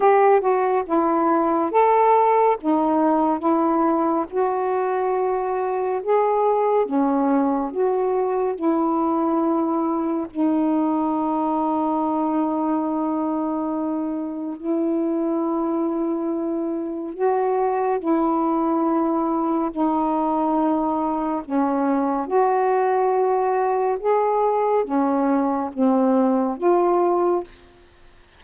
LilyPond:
\new Staff \with { instrumentName = "saxophone" } { \time 4/4 \tempo 4 = 70 g'8 fis'8 e'4 a'4 dis'4 | e'4 fis'2 gis'4 | cis'4 fis'4 e'2 | dis'1~ |
dis'4 e'2. | fis'4 e'2 dis'4~ | dis'4 cis'4 fis'2 | gis'4 cis'4 c'4 f'4 | }